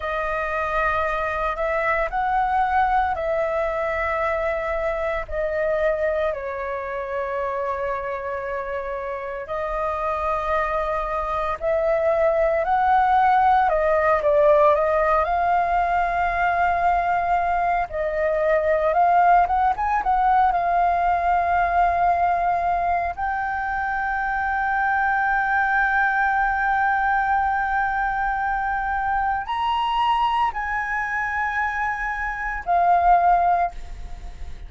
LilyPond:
\new Staff \with { instrumentName = "flute" } { \time 4/4 \tempo 4 = 57 dis''4. e''8 fis''4 e''4~ | e''4 dis''4 cis''2~ | cis''4 dis''2 e''4 | fis''4 dis''8 d''8 dis''8 f''4.~ |
f''4 dis''4 f''8 fis''16 gis''16 fis''8 f''8~ | f''2 g''2~ | g''1 | ais''4 gis''2 f''4 | }